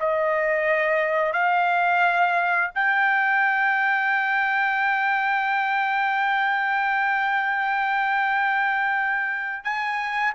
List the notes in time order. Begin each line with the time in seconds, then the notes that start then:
0.00 D#5
1.33 F5
2.75 G5
9.64 G#5